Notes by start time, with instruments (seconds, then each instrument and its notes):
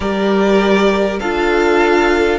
0.00 cello G3, viola G4, violin A#4 D5
1.19 cello D4, viola F4, violin A4 F5